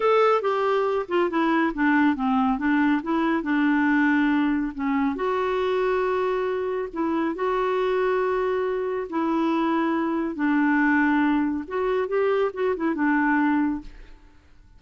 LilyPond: \new Staff \with { instrumentName = "clarinet" } { \time 4/4 \tempo 4 = 139 a'4 g'4. f'8 e'4 | d'4 c'4 d'4 e'4 | d'2. cis'4 | fis'1 |
e'4 fis'2.~ | fis'4 e'2. | d'2. fis'4 | g'4 fis'8 e'8 d'2 | }